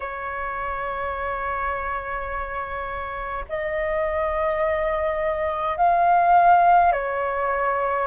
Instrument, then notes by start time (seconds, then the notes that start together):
flute
0.00 C#5
3.49 D#5
5.77 F5
6.92 C#5